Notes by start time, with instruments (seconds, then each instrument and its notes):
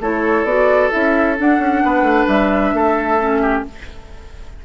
0.00 bassoon A3, clarinet E4, oboe A4, flute C#5
0.44 bassoon B3, clarinet F#4, flute D5
0.90 bassoon C#4, clarinet E4, flute E5
1.38 clarinet D4, bassoon D4, flute F#5
1.59 bassoon C#4
1.85 bassoon B3, oboe B4
2.02 bassoon A3
2.27 bassoon G3, flute E5
2.73 bassoon A3, oboe A4
3.20 clarinet C#4
3.42 oboe G4